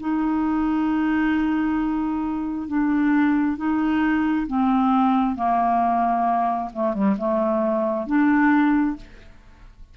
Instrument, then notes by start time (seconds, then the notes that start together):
clarinet
0.00 D#4
2.68 D4
3.57 D#4
4.47 C4
5.35 A#3
6.73 A3
6.94 G3
7.18 A3
8.06 D4